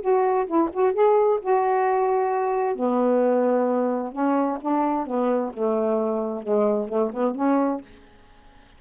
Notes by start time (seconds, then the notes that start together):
0.00 F#4
0.46 E4
0.73 F#4
0.93 G#4
1.41 F#4
2.75 B3
4.12 C#4
4.61 D4
5.06 B3
5.53 A3
6.42 G#3
6.88 A3
7.13 B3
7.35 C#4